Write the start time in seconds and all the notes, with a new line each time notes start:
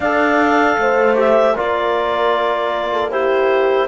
0.00 D4 A4 D5 F5
0.78 A3 C5
1.15 G4 E5
1.54 A#3 F4 A#4 D5
2.92 A4
3.10 E4 G4 C5